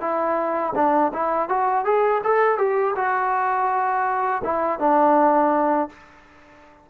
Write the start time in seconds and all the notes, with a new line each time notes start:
0.00 E4
0.75 D4
1.13 E4
1.49 F#4
1.85 G#4
2.24 A4
2.58 G4
2.96 F#4
4.44 E4
4.79 D4